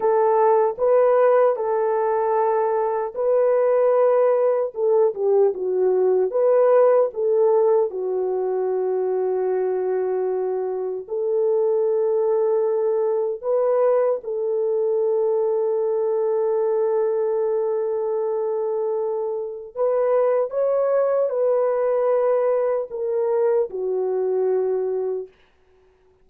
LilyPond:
\new Staff \with { instrumentName = "horn" } { \time 4/4 \tempo 4 = 76 a'4 b'4 a'2 | b'2 a'8 g'8 fis'4 | b'4 a'4 fis'2~ | fis'2 a'2~ |
a'4 b'4 a'2~ | a'1~ | a'4 b'4 cis''4 b'4~ | b'4 ais'4 fis'2 | }